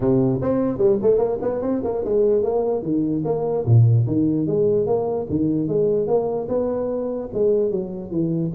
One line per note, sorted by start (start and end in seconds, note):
0.00 0.40 C3
0.41 0.77 C4
0.77 0.98 G3
1.02 1.18 A3
1.18 1.38 A#3
1.41 1.61 B3
1.61 1.82 C4
1.84 2.04 A#3
2.04 2.43 G#3
2.43 2.82 A#3
2.82 3.23 D#3
3.24 3.65 A#3
3.65 4.06 A#2
4.07 4.46 D#3
4.46 4.86 G#3
4.86 5.26 A#3
5.29 5.68 D#3
5.68 6.07 G#3
6.07 6.47 A#3
6.48 7.29 B3
7.33 7.70 G#3
7.70 8.10 F#3
8.10 8.51 E3